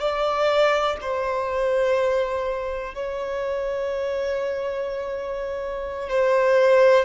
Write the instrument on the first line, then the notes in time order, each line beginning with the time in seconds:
violin
0.00 D5
1.01 C5
2.94 C#5
6.09 C5